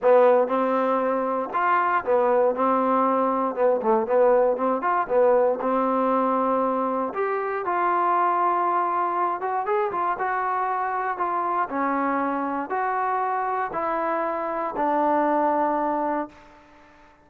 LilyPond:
\new Staff \with { instrumentName = "trombone" } { \time 4/4 \tempo 4 = 118 b4 c'2 f'4 | b4 c'2 b8 a8 | b4 c'8 f'8 b4 c'4~ | c'2 g'4 f'4~ |
f'2~ f'8 fis'8 gis'8 f'8 | fis'2 f'4 cis'4~ | cis'4 fis'2 e'4~ | e'4 d'2. | }